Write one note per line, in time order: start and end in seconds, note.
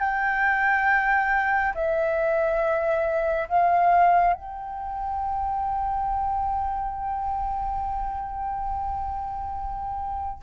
0.00 1.74 G5
1.75 3.49 E5
3.49 4.34 F5
4.34 10.43 G5